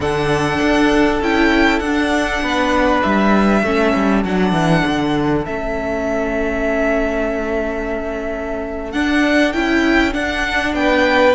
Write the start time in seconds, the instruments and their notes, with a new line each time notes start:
0.00 cello D3, viola D4, violin A4 F#5
0.60 cello D4
1.21 cello C#4, viola E4, violin G5
1.79 cello D4, violin F#5
1.86 viola D4
2.41 cello B3, violin B4
3.02 cello G3, violin E5
3.62 cello A3, viola C#4, violin A4
3.95 cello G3
4.24 cello F#3, viola D4, violin F#5
4.52 cello E3
4.85 cello D3
5.45 cello A3, viola C#4, violin E5
8.92 viola D4, cello D4, violin F#5
9.52 cello C#4, viola E4, violin G5
10.12 viola D4, cello D4, violin F#5
10.73 cello B3, violin B4 G5